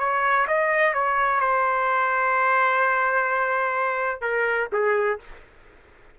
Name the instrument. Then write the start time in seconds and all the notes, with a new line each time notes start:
trumpet
0.00 C#5
0.48 D#5
0.94 C#5
1.41 C5
4.21 A#4
4.73 G#4